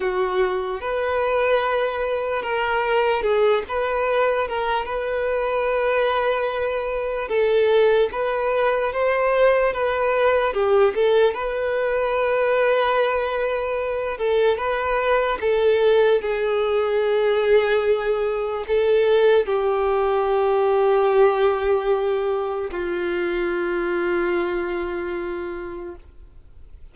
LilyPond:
\new Staff \with { instrumentName = "violin" } { \time 4/4 \tempo 4 = 74 fis'4 b'2 ais'4 | gis'8 b'4 ais'8 b'2~ | b'4 a'4 b'4 c''4 | b'4 g'8 a'8 b'2~ |
b'4. a'8 b'4 a'4 | gis'2. a'4 | g'1 | f'1 | }